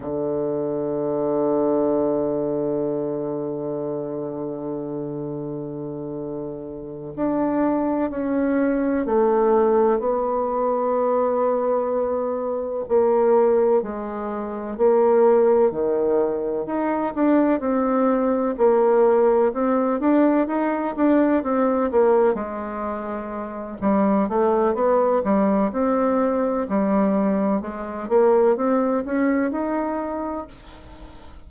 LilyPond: \new Staff \with { instrumentName = "bassoon" } { \time 4/4 \tempo 4 = 63 d1~ | d2.~ d8 d'8~ | d'8 cis'4 a4 b4.~ | b4. ais4 gis4 ais8~ |
ais8 dis4 dis'8 d'8 c'4 ais8~ | ais8 c'8 d'8 dis'8 d'8 c'8 ais8 gis8~ | gis4 g8 a8 b8 g8 c'4 | g4 gis8 ais8 c'8 cis'8 dis'4 | }